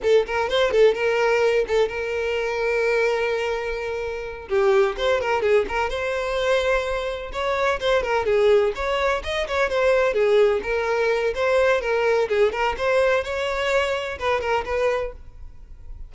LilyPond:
\new Staff \with { instrumentName = "violin" } { \time 4/4 \tempo 4 = 127 a'8 ais'8 c''8 a'8 ais'4. a'8 | ais'1~ | ais'4. g'4 c''8 ais'8 gis'8 | ais'8 c''2. cis''8~ |
cis''8 c''8 ais'8 gis'4 cis''4 dis''8 | cis''8 c''4 gis'4 ais'4. | c''4 ais'4 gis'8 ais'8 c''4 | cis''2 b'8 ais'8 b'4 | }